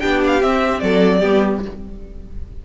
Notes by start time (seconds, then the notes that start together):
0.00 B3 D4 G4 G5
0.26 F5
0.42 C4 E5
0.79 F#3 A4 D5
1.19 G3 B3 G4